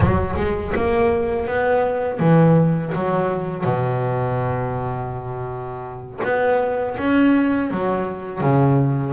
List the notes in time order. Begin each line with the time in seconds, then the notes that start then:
0.00 F#3
0.36 G#3
0.75 A#3
1.46 B3
2.19 E3
2.94 F#3
3.64 B2
6.23 B3
6.98 C#4
7.70 F#3
8.40 C#3